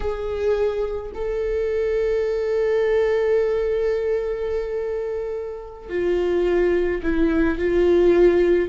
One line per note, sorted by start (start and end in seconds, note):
0.00 1.12 G#4
1.14 5.89 A4
5.89 7.01 F4
7.02 7.58 E4
7.58 8.68 F4